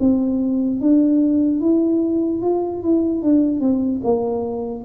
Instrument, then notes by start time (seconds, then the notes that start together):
tuba
0.00 C4
0.81 D4
1.61 E4
2.42 F4
2.83 E4
3.22 D4
3.61 C4
4.04 A#3